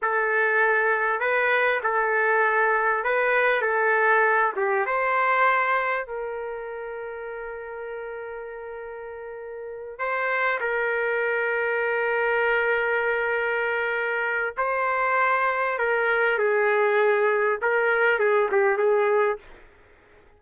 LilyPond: \new Staff \with { instrumentName = "trumpet" } { \time 4/4 \tempo 4 = 99 a'2 b'4 a'4~ | a'4 b'4 a'4. g'8 | c''2 ais'2~ | ais'1~ |
ais'8 c''4 ais'2~ ais'8~ | ais'1 | c''2 ais'4 gis'4~ | gis'4 ais'4 gis'8 g'8 gis'4 | }